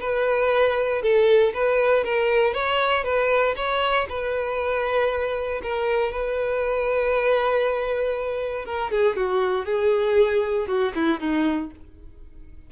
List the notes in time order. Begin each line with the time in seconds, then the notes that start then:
0.00 B4
1.02 A4
1.53 B4
2.04 A#4
2.53 C#5
3.04 B4
3.56 C#5
4.09 B4
5.62 A#4
6.11 B4
8.65 A#4
8.91 G#4
9.16 F#4
9.65 G#4
10.67 F#4
10.95 E4
11.19 D#4